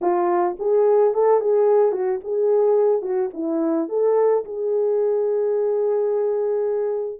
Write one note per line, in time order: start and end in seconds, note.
0.01 0.56 F4
0.59 1.13 G#4
1.13 1.40 A4
1.40 1.92 G#4
1.92 2.19 F#4
2.23 3.02 G#4
3.02 3.30 F#4
3.33 3.88 E4
3.88 4.44 A4
4.44 7.20 G#4